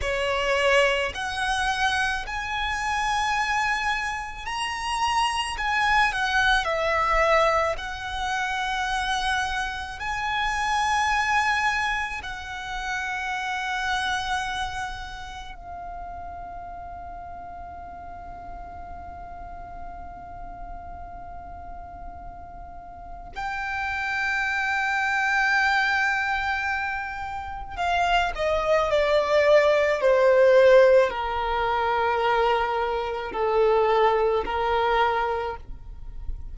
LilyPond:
\new Staff \with { instrumentName = "violin" } { \time 4/4 \tempo 4 = 54 cis''4 fis''4 gis''2 | ais''4 gis''8 fis''8 e''4 fis''4~ | fis''4 gis''2 fis''4~ | fis''2 f''2~ |
f''1~ | f''4 g''2.~ | g''4 f''8 dis''8 d''4 c''4 | ais'2 a'4 ais'4 | }